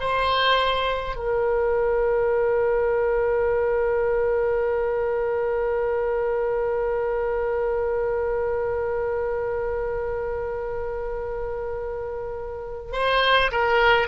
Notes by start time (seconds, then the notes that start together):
0.00 C5
1.16 A#4
12.92 C5
13.51 A#4